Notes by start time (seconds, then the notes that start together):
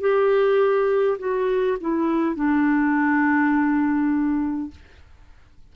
0.00 G4
1.18 F#4
1.80 E4
2.35 D4